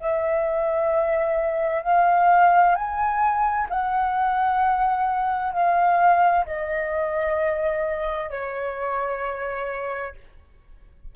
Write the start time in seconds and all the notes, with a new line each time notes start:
0.00 E5
1.83 F5
2.76 G#5
3.70 F#5
5.53 F5
6.46 D#5
8.30 C#5